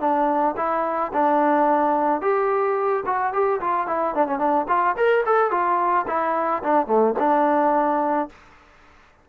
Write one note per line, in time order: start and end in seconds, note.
0.00 0.55 D4
0.57 1.12 E4
1.13 2.21 D4
2.21 3.04 G4
3.06 3.33 F#4
3.33 3.61 G4
3.61 3.87 F4
3.87 4.15 E4
4.15 4.27 D4
4.27 4.39 C#4
4.39 4.66 D4
4.68 4.96 F4
4.97 5.24 A#4
5.26 5.51 A4
5.51 6.06 F4
6.08 6.63 E4
6.63 6.87 D4
6.87 7.14 A3
7.19 8.29 D4